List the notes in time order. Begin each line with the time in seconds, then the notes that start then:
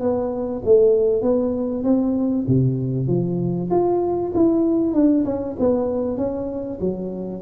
0.00 B3
0.65 A3
1.22 B3
1.83 C4
2.47 C3
3.07 F3
3.70 F4
4.34 E4
4.93 D4
5.25 C#4
5.59 B3
6.17 C#4
6.80 F#3